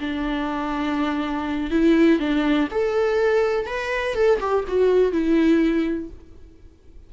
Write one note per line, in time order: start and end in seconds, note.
0.00 1.71 D4
1.71 2.19 E4
2.20 2.68 D4
2.71 3.66 A4
3.66 4.15 B4
4.15 4.39 A4
4.40 4.65 G4
4.68 5.12 F#4
5.12 6.10 E4